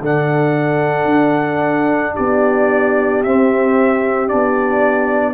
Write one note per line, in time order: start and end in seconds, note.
0.00 1.05 D3
0.00 3.24 D4
0.00 2.14 A4
0.00 2.15 F#5
1.05 2.12 D4
2.14 3.24 B3
2.14 5.33 G4
2.14 3.22 D5
3.23 4.31 C4
3.23 4.28 C4
3.23 4.28 E5
4.28 5.33 B3
4.28 5.33 D4
4.28 5.33 D5